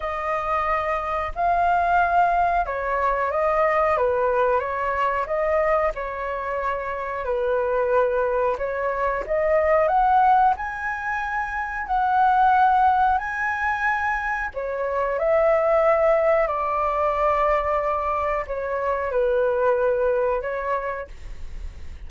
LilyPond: \new Staff \with { instrumentName = "flute" } { \time 4/4 \tempo 4 = 91 dis''2 f''2 | cis''4 dis''4 b'4 cis''4 | dis''4 cis''2 b'4~ | b'4 cis''4 dis''4 fis''4 |
gis''2 fis''2 | gis''2 cis''4 e''4~ | e''4 d''2. | cis''4 b'2 cis''4 | }